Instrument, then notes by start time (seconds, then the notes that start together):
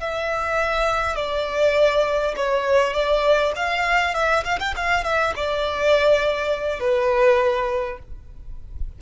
violin
0.00 E5
1.16 D5
2.36 C#5
2.93 D5
3.55 F5
4.14 E5
4.44 F5
4.59 G5
4.76 F5
5.03 E5
5.36 D5
6.79 B4